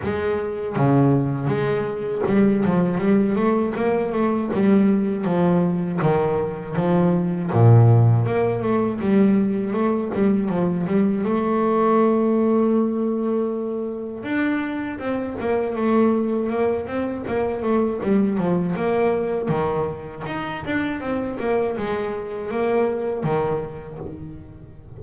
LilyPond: \new Staff \with { instrumentName = "double bass" } { \time 4/4 \tempo 4 = 80 gis4 cis4 gis4 g8 f8 | g8 a8 ais8 a8 g4 f4 | dis4 f4 ais,4 ais8 a8 | g4 a8 g8 f8 g8 a4~ |
a2. d'4 | c'8 ais8 a4 ais8 c'8 ais8 a8 | g8 f8 ais4 dis4 dis'8 d'8 | c'8 ais8 gis4 ais4 dis4 | }